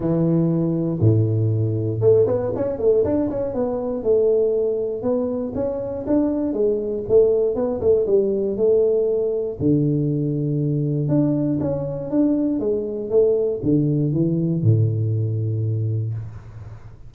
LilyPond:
\new Staff \with { instrumentName = "tuba" } { \time 4/4 \tempo 4 = 119 e2 a,2 | a8 b8 cis'8 a8 d'8 cis'8 b4 | a2 b4 cis'4 | d'4 gis4 a4 b8 a8 |
g4 a2 d4~ | d2 d'4 cis'4 | d'4 gis4 a4 d4 | e4 a,2. | }